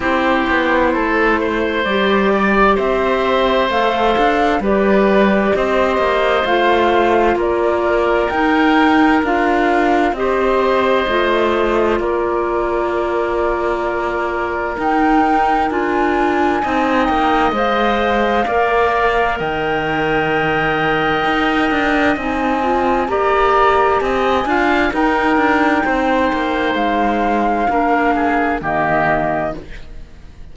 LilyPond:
<<
  \new Staff \with { instrumentName = "flute" } { \time 4/4 \tempo 4 = 65 c''2 d''4 e''4 | f''4 d''4 dis''4 f''4 | d''4 g''4 f''4 dis''4~ | dis''4 d''2. |
g''4 gis''4. g''8 f''4~ | f''4 g''2. | gis''4 ais''4 gis''4 g''4~ | g''4 f''2 dis''4 | }
  \new Staff \with { instrumentName = "oboe" } { \time 4/4 g'4 a'8 c''4 d''8 c''4~ | c''4 b'4 c''2 | ais'2. c''4~ | c''4 ais'2.~ |
ais'2 dis''2 | d''4 dis''2.~ | dis''4 d''4 dis''8 f''8 ais'4 | c''2 ais'8 gis'8 g'4 | }
  \new Staff \with { instrumentName = "clarinet" } { \time 4/4 e'2 g'2 | a'4 g'2 f'4~ | f'4 dis'4 f'4 g'4 | f'1 |
dis'4 f'4 dis'4 c''4 | ais'1 | dis'8 f'8 g'4. f'8 dis'4~ | dis'2 d'4 ais4 | }
  \new Staff \with { instrumentName = "cello" } { \time 4/4 c'8 b8 a4 g4 c'4 | a8 d'8 g4 c'8 ais8 a4 | ais4 dis'4 d'4 c'4 | a4 ais2. |
dis'4 d'4 c'8 ais8 gis4 | ais4 dis2 dis'8 d'8 | c'4 ais4 c'8 d'8 dis'8 d'8 | c'8 ais8 gis4 ais4 dis4 | }
>>